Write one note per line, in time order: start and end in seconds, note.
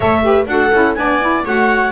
0.00 0.46 A3
0.00 0.22 A4
0.00 0.24 C#5
0.00 0.46 E5
0.22 0.46 G4
0.22 0.48 B4
0.46 0.70 D4
0.46 0.72 F#4
0.46 0.99 A4
0.46 0.94 F#5
0.72 0.96 C#4
0.72 0.97 E4
0.94 1.44 B3
0.94 1.21 D4
0.94 1.45 D5
0.94 1.42 G#5
1.21 1.46 E4
1.45 1.91 A3
1.45 1.91 F#4
1.45 1.91 C#5
1.45 1.91 F#5